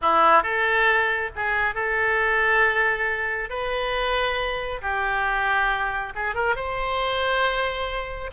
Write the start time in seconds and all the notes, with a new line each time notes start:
0.01 E4
0.42 A4
1.35 G#4
1.74 A4
3.49 B4
4.81 G4
6.15 G#4
6.35 A#4
6.55 C5